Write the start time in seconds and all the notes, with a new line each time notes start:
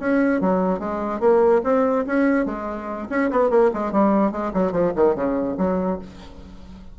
0.00 C#4
0.41 F#3
0.80 G#3
1.20 A#3
1.64 C4
2.07 C#4
2.46 G#3
3.10 C#4
3.31 B3
3.51 A#3
3.74 G#3
3.92 G3
4.32 G#3
4.54 F#3
4.72 F3
4.96 D#3
5.15 C#3
5.58 F#3